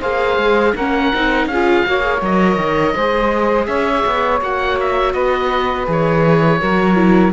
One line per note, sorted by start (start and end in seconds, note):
0.00 0.37 A#3
0.00 0.75 G#4
0.00 0.73 C5
0.00 0.75 F5
0.37 0.74 G#3
0.76 1.12 A#3
0.76 1.14 C#4
0.76 1.49 A#4
0.76 1.48 F#5
1.14 1.46 C4
1.14 1.51 D#4
1.46 1.83 C#4
1.46 1.86 G#4
1.46 2.21 F5
1.54 1.86 F4
1.86 2.22 A#3
1.86 2.01 F#4
1.86 2.95 C#5
2.01 2.19 G#4
2.22 2.58 F#3
2.22 2.96 A#4
2.22 3.66 D#5
2.58 2.94 D#3
2.95 3.68 G#3
2.95 4.42 G#4
2.95 3.68 C5
3.66 4.04 C#4
3.66 5.14 C#5
3.66 4.39 E5
4.07 4.41 B3
4.41 5.14 A#3
4.41 5.86 F#4
4.41 4.79 F#5
4.80 5.13 E5
5.13 5.87 B3
5.13 6.60 B4
5.13 5.87 D#5
5.86 6.61 E3
5.86 6.59 G#4
5.86 7.33 C#5
6.60 7.33 F#3
6.60 6.96 F#4
6.60 7.33 A#4
6.96 7.32 E4